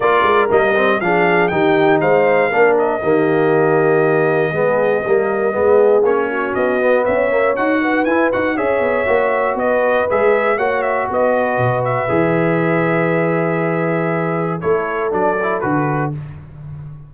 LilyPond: <<
  \new Staff \with { instrumentName = "trumpet" } { \time 4/4 \tempo 4 = 119 d''4 dis''4 f''4 g''4 | f''4. dis''2~ dis''8~ | dis''1 | cis''4 dis''4 e''4 fis''4 |
gis''8 fis''8 e''2 dis''4 | e''4 fis''8 e''8 dis''4. e''8~ | e''1~ | e''4 cis''4 d''4 b'4 | }
  \new Staff \with { instrumentName = "horn" } { \time 4/4 ais'2 gis'4 g'4 | c''4 ais'4 g'2~ | g'4 gis'4 ais'4 gis'4~ | gis'8 fis'4. cis''4. b'8~ |
b'4 cis''2 b'4~ | b'4 cis''4 b'2~ | b'1~ | b'4 a'2. | }
  \new Staff \with { instrumentName = "trombone" } { \time 4/4 f'4 ais8 c'8 d'4 dis'4~ | dis'4 d'4 ais2~ | ais4 b4 ais4 b4 | cis'4. b4 ais8 fis'4 |
e'8 fis'8 gis'4 fis'2 | gis'4 fis'2. | gis'1~ | gis'4 e'4 d'8 e'8 fis'4 | }
  \new Staff \with { instrumentName = "tuba" } { \time 4/4 ais8 gis8 g4 f4 dis4 | gis4 ais4 dis2~ | dis4 gis4 g4 gis4 | ais4 b4 cis'4 dis'4 |
e'8 dis'8 cis'8 b8 ais4 b4 | gis4 ais4 b4 b,4 | e1~ | e4 a4 fis4 d4 | }
>>